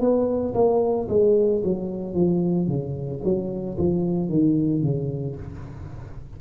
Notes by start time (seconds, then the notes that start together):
0.00 B3
0.54 A#3
1.09 G#3
1.63 F#3
2.14 F3
2.67 C#3
3.23 F#3
3.77 F3
4.29 D#3
4.82 C#3